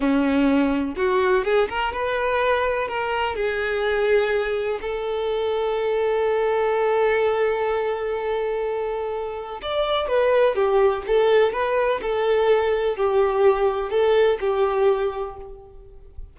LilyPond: \new Staff \with { instrumentName = "violin" } { \time 4/4 \tempo 4 = 125 cis'2 fis'4 gis'8 ais'8 | b'2 ais'4 gis'4~ | gis'2 a'2~ | a'1~ |
a'1 | d''4 b'4 g'4 a'4 | b'4 a'2 g'4~ | g'4 a'4 g'2 | }